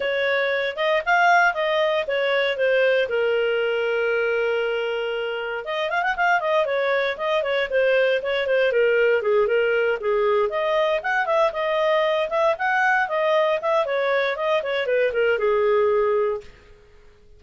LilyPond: \new Staff \with { instrumentName = "clarinet" } { \time 4/4 \tempo 4 = 117 cis''4. dis''8 f''4 dis''4 | cis''4 c''4 ais'2~ | ais'2. dis''8 f''16 fis''16 | f''8 dis''8 cis''4 dis''8 cis''8 c''4 |
cis''8 c''8 ais'4 gis'8 ais'4 gis'8~ | gis'8 dis''4 fis''8 e''8 dis''4. | e''8 fis''4 dis''4 e''8 cis''4 | dis''8 cis''8 b'8 ais'8 gis'2 | }